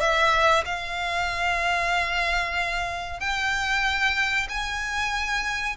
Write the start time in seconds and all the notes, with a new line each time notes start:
0.00 E5
0.65 F5
3.20 G5
4.49 G#5